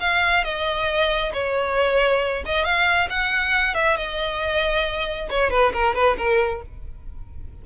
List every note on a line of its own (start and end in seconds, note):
0.00 0.44 F5
0.44 1.32 D#5
1.33 2.43 C#5
2.46 2.64 D#5
2.64 3.08 F5
3.10 3.75 F#5
3.75 3.97 E5
3.97 5.29 D#5
5.29 5.50 C#5
5.50 5.73 B4
5.73 5.95 A#4
5.95 6.17 B4
6.18 6.62 A#4